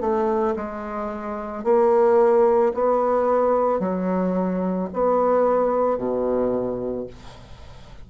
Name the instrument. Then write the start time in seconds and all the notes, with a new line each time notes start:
bassoon
0.00 A3
0.56 G#3
1.64 A#3
2.74 B3
3.79 F#3
4.93 B3
5.98 B2